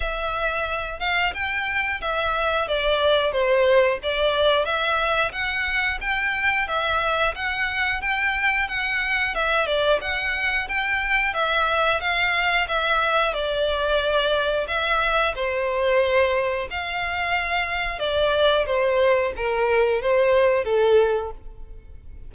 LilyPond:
\new Staff \with { instrumentName = "violin" } { \time 4/4 \tempo 4 = 90 e''4. f''8 g''4 e''4 | d''4 c''4 d''4 e''4 | fis''4 g''4 e''4 fis''4 | g''4 fis''4 e''8 d''8 fis''4 |
g''4 e''4 f''4 e''4 | d''2 e''4 c''4~ | c''4 f''2 d''4 | c''4 ais'4 c''4 a'4 | }